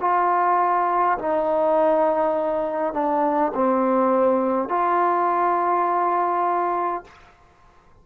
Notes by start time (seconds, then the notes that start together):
0.00 F4
1.18 D#4
2.93 D4
3.54 C4
4.68 F4